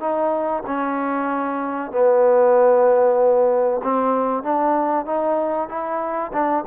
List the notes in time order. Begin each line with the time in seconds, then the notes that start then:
0.00 D#4
0.66 C#4
1.91 B3
3.83 C4
4.43 D4
5.06 D#4
5.69 E4
6.33 D4